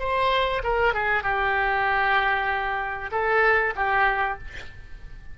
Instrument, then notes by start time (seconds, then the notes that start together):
oboe
0.00 C5
0.64 A#4
0.94 G#4
1.23 G4
3.12 A4
3.76 G4